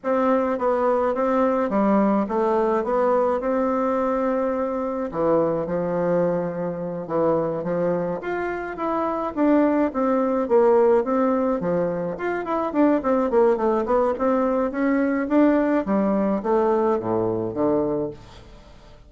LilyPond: \new Staff \with { instrumentName = "bassoon" } { \time 4/4 \tempo 4 = 106 c'4 b4 c'4 g4 | a4 b4 c'2~ | c'4 e4 f2~ | f8 e4 f4 f'4 e'8~ |
e'8 d'4 c'4 ais4 c'8~ | c'8 f4 f'8 e'8 d'8 c'8 ais8 | a8 b8 c'4 cis'4 d'4 | g4 a4 a,4 d4 | }